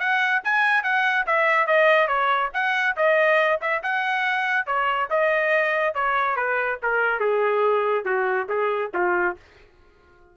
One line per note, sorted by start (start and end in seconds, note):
0.00 0.43 F#5
0.45 0.84 G#5
0.84 1.26 F#5
1.27 1.68 E5
1.68 2.08 D#5
2.08 2.51 C#5
2.54 2.97 F#5
2.97 3.61 D#5
3.62 3.83 E5
3.84 4.67 F#5
4.67 5.09 C#5
5.11 5.95 D#5
5.95 6.37 C#5
6.37 6.79 B4
6.83 7.20 A#4
7.20 8.05 G#4
8.05 8.48 F#4
8.49 8.92 G#4
8.95 9.37 F4